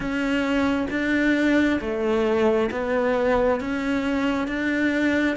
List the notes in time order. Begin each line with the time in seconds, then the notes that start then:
0.00 C#4
0.90 D4
1.80 A3
2.71 B3
3.60 C#4
4.47 D4